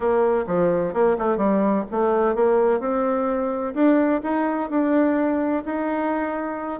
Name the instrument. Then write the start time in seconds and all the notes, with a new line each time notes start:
bassoon
0.00 A#3
0.46 F3
0.93 A#3
1.18 A3
1.37 G3
1.91 A3
2.35 A#3
2.80 C4
3.74 D4
4.23 D#4
4.70 D4
5.65 D#4